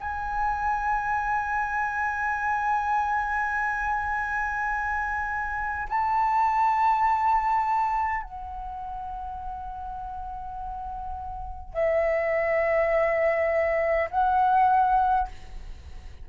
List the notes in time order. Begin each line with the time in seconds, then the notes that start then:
0.00 G#5
5.89 A5
8.23 F#5
11.74 E5
14.11 F#5